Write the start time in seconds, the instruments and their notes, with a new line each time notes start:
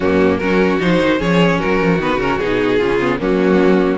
0.00 cello F#2, viola A#3, violin C#4 F#4
0.37 cello F#3, viola C#4, violin F#4 A#4
0.78 cello F3, viola D#4, violin C5
1.00 cello D#3
1.18 cello F3, viola C#4, violin G#4 C#5
1.59 cello F#3, violin F#4 A#4
1.81 cello F3
1.98 cello D#3, viola B3, violin B4
2.17 cello C#3, viola C#4, violin A#4
2.39 cello B2, viola D#4, violin G#4
2.78 cello C#3, viola C#4, violin F4
3.00 viola B3
3.19 cello F#3, viola A#3, violin C#4 F#4